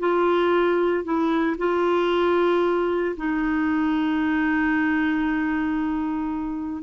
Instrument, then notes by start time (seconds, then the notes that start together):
clarinet
0.00 F4
1.05 E4
1.58 F4
3.17 D#4